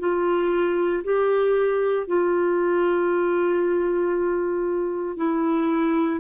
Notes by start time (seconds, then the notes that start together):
0.00 F4
1.04 G4
2.07 F4
5.17 E4